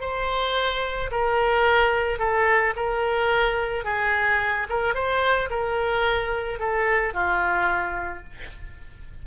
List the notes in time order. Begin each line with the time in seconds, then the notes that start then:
0.00 C5
1.11 A#4
2.18 A4
2.75 A#4
3.84 G#4
4.69 A#4
4.94 C5
5.50 A#4
6.59 A4
7.13 F4